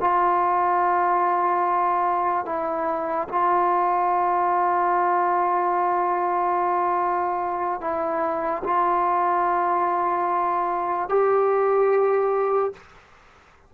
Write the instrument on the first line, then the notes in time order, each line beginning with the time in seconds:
trombone
0.00 F4
2.45 E4
3.28 F4
7.80 E4
8.63 F4
11.08 G4